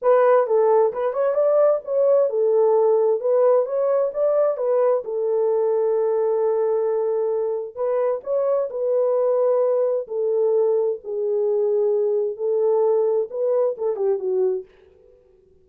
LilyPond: \new Staff \with { instrumentName = "horn" } { \time 4/4 \tempo 4 = 131 b'4 a'4 b'8 cis''8 d''4 | cis''4 a'2 b'4 | cis''4 d''4 b'4 a'4~ | a'1~ |
a'4 b'4 cis''4 b'4~ | b'2 a'2 | gis'2. a'4~ | a'4 b'4 a'8 g'8 fis'4 | }